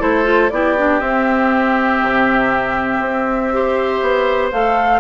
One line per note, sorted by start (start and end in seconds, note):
0.00 0.52 A3
0.00 0.24 E4
0.00 0.51 A4
0.00 0.50 C5
0.24 0.49 F4
0.50 1.01 B3
0.50 0.78 E4
0.50 3.54 G4
0.50 1.00 D5
0.78 1.01 D4
1.00 3.51 C4
1.00 2.01 C4
1.00 4.50 E5
2.02 3.00 C3
3.00 4.00 C4
3.53 4.53 G4
3.53 5.00 C5
4.02 4.52 B3
4.52 5.00 A3
4.52 5.00 A4
4.52 5.00 F5